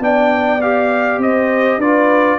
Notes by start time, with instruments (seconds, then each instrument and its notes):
0.00 tuba B3, trombone D4, horn D5, trumpet G5
0.62 trombone G4, trumpet F5
1.18 tuba C4, trumpet D#5
1.24 horn C5
1.78 tuba D4, trombone F4, horn B4, trumpet D5